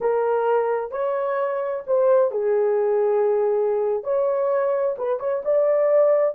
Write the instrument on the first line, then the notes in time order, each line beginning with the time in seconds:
horn
0.00 A#4
0.91 C#5
1.87 C5
2.31 G#4
4.03 C#5
4.98 B4
5.19 C#5
5.44 D5